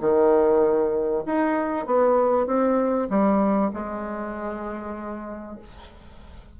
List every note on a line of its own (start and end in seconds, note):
0.00 1.24 D#3
1.25 1.86 D#4
1.86 2.46 B3
2.46 3.08 C4
3.09 3.71 G3
3.73 5.58 G#3